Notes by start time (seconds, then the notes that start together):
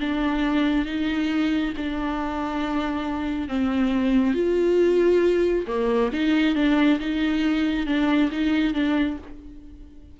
0.00 D4
0.85 D#4
1.77 D4
3.48 C4
4.34 F4
5.67 A#3
6.13 D#4
6.55 D4
6.99 D#4
7.86 D4
8.31 D#4
8.74 D4